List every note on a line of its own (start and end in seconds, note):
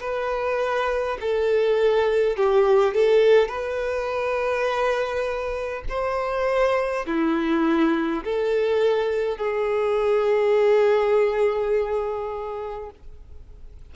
0.00 1.18 B4
1.21 2.36 A4
2.36 2.94 G4
2.94 3.48 A4
3.48 5.83 B4
5.89 7.06 C5
7.06 8.24 E4
8.24 9.37 A4
9.37 12.90 G#4